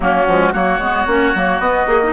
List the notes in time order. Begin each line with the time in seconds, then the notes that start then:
0.00 F#3 A#3 C#4 F#4
0.27 F3 G#3
0.52 F#3 A#3 F#4 C#5
0.79 G#3 B3
1.06 A#3 C#4
1.34 F#3 A#3
1.59 B3 D#5
1.86 A#3 G#4
2.03 D#4